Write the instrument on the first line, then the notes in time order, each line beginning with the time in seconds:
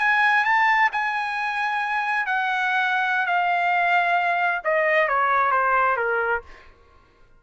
trumpet
0.00 G#5
0.45 A5
0.92 G#5
2.27 F#5
3.27 F5
4.64 D#5
5.09 C#5
5.52 C5
5.97 A#4